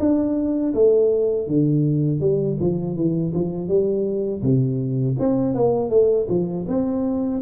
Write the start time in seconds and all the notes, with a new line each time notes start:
0.00 D4
0.74 A3
1.48 D3
2.21 G3
2.61 F3
2.96 E3
3.35 F3
3.68 G3
4.43 C3
5.20 C4
5.55 A#3
5.90 A3
6.29 F3
6.68 C4